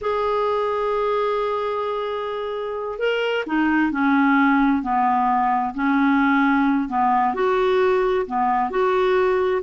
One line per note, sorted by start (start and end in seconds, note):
0.01 2.98 G#4
2.98 3.44 A#4
3.46 3.91 D#4
3.91 4.82 C#4
4.82 5.74 B3
5.74 6.88 C#4
6.88 7.34 B3
7.34 8.26 F#4
8.26 8.70 B3
8.70 9.62 F#4